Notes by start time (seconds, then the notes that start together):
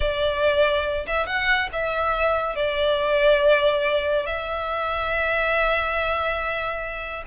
0.00 D5
1.06 E5
1.26 F#5
1.72 E5
2.55 D5
4.26 E5